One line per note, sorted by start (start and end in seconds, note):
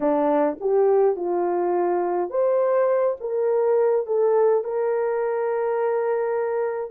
0.00 0.57 D4
0.60 1.16 G4
1.16 2.29 F4
2.29 3.16 C5
3.20 4.06 A#4
4.06 4.64 A4
4.64 6.90 A#4